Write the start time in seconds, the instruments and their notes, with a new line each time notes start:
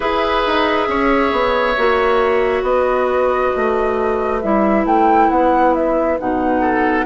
0.00 bassoon E4, clarinet G#4, oboe B4, flute E5
0.46 bassoon D#4
0.88 bassoon C#4, oboe C#5
1.31 bassoon B3
1.77 bassoon A#3, clarinet F#4
2.62 bassoon B3, oboe B4, flute D#5
3.56 bassoon A3
4.41 bassoon G3, clarinet E4, flute E5
4.84 bassoon A3, flute G5
5.29 bassoon B3, flute F#5
5.74 flute E5
6.18 bassoon B2, clarinet D#4, flute F#5
6.60 oboe A4